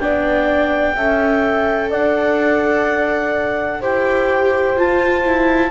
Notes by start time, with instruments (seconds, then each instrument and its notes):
0.00 double bass B3, viola D4, horn D5, clarinet G5
0.96 double bass C#4, viola A4, horn E5
1.91 double bass D4, horn D5, clarinet F#5
3.81 double bass E4, viola G4, horn C5, clarinet G5
4.76 double bass F4, viola F4, clarinet A5
5.25 viola E4